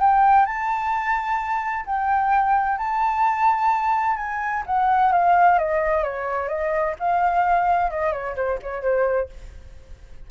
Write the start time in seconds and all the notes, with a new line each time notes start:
0.00 G5
0.46 A5
1.86 G5
2.78 A5
4.17 G#5
4.66 F#5
5.12 F5
5.58 D#5
6.03 C#5
6.48 D#5
6.99 F5
7.90 D#5
8.12 C#5
8.36 C5
8.62 C#5
8.82 C5